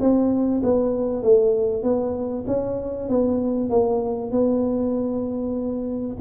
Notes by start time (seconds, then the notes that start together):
0.00 C4
0.63 B3
1.23 A3
1.83 B3
2.47 C#4
3.09 B3
3.70 A#3
4.31 B3